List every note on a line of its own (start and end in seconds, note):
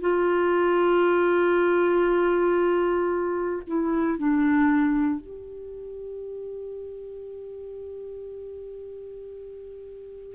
0.00 3.62 F4
3.67 4.18 E4
4.18 5.20 D4
5.20 10.34 G4